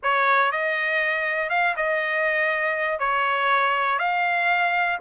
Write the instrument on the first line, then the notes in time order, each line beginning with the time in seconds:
trumpet
0.02 C#5
0.51 D#5
1.49 F5
1.76 D#5
2.99 C#5
3.98 F5